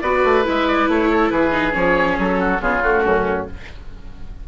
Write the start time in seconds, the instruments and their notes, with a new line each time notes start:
0.00 bassoon B3, viola F#4, oboe B4 D5
0.24 bassoon A3
0.44 bassoon G#3, viola E4, oboe E5
0.67 oboe D5
0.88 bassoon A3, oboe C#5
1.10 oboe A4
1.30 bassoon E3, oboe G#4 B4
1.51 viola D#4
1.71 bassoon F3, viola C#4, oboe C#5
2.18 bassoon F#3, oboe A4
2.39 oboe F#4
2.60 bassoon C#3, viola B3, oboe F4 G#4
2.83 viola A3, oboe F#4
3.03 bassoon F#2, oboe C#4